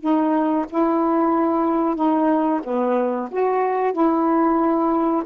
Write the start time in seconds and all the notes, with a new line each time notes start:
0.00 D#4
0.69 E4
1.95 D#4
2.63 B3
3.31 F#4
3.92 E4